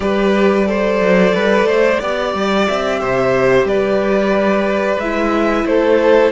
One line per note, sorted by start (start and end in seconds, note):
0.00 1.00 G3
0.00 0.65 G4
0.00 0.68 B4
0.00 2.65 D5
0.65 1.98 A4
0.65 1.34 C5
1.00 1.33 F#3
1.34 1.63 G3
1.34 1.66 B4
1.63 1.97 A3
1.63 1.99 C5
1.99 2.33 B3
1.99 5.01 G4
1.99 2.99 D5
2.33 2.67 G3
2.67 3.02 C4
2.67 3.67 E5
3.00 3.64 C3
3.00 3.66 C5
3.64 4.97 G3
3.64 5.67 B4
3.64 4.99 D5
4.97 5.64 G#3
4.97 6.32 E4
4.97 5.66 E5
5.65 6.32 A3
5.65 6.32 A4
5.65 6.32 C5